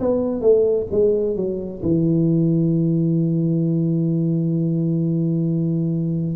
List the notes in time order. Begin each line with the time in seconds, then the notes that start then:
0.00 B3
0.41 A3
0.91 G#3
1.36 F#3
1.82 E3